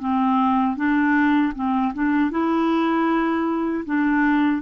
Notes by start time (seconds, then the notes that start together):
0.00 C4
0.77 D4
1.55 C4
1.94 D4
2.31 E4
3.85 D4